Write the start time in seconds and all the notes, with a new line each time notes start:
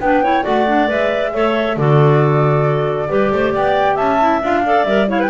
0.00 B3 D4 B4 G5
0.24 E4 C#5
0.43 A3 F#4 D5 F#5
0.67 D4
0.88 G#3 B4 E5
1.33 A3 A4 C#5
1.77 D3 F#4 A4 D5
3.09 G3 G4 B4
3.33 A3 C5
3.52 B3 D5 G5
3.95 C#4 E5 A5
4.20 E4
4.42 D4 F4 F5
4.65 A4 D5
4.84 G3 A#4 E5
5.08 E4 C#5 F5
5.20 B4 G5